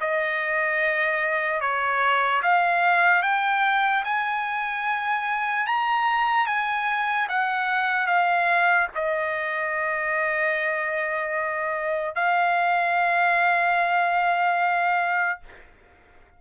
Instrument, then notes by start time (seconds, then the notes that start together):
trumpet
0.00 D#5
1.60 C#5
2.42 F5
3.22 G5
4.04 G#5
5.66 A#5
6.46 G#5
7.28 F#5
8.06 F5
8.94 D#5
12.15 F5